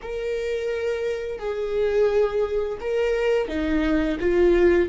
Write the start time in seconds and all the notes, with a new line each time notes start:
0.02 A#4
1.39 G#4
2.80 A#4
3.48 D#4
4.20 F4